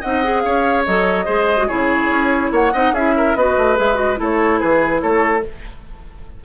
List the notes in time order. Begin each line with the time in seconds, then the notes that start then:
0.00 C4 D#4 D#5 F#5
0.23 G#4
0.40 C#4 C#5 F5
0.85 F#3 A4 D#5
1.25 G#3 G#4 C5
1.57 F#4
1.67 C#3 E4 G#4 C#5
2.08 C#4
2.51 A#3 C#5 F#5
2.72 C4 D#4 D#5
2.92 C#4 E4 G#4 E5
3.16 A#4
3.35 B3 F#4 B4 D#5
3.57 A3
3.76 G#3 G#4 E5
3.94 F#4 D#5
4.16 A3 E4 A4 C#5
4.59 E3 G#4 B4
5.01 A3 A4 C#5